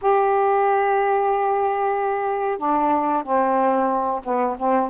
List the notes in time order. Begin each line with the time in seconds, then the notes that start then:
0.01 G4
2.58 D4
3.23 C4
4.24 B3
4.57 C4